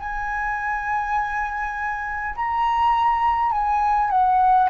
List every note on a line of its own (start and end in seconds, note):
0.00 2.35 G#5
2.36 3.52 A#5
3.52 4.11 G#5
4.11 4.70 F#5